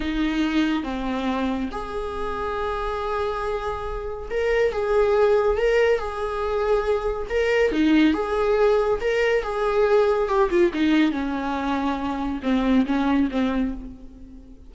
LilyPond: \new Staff \with { instrumentName = "viola" } { \time 4/4 \tempo 4 = 140 dis'2 c'2 | gis'1~ | gis'2 ais'4 gis'4~ | gis'4 ais'4 gis'2~ |
gis'4 ais'4 dis'4 gis'4~ | gis'4 ais'4 gis'2 | g'8 f'8 dis'4 cis'2~ | cis'4 c'4 cis'4 c'4 | }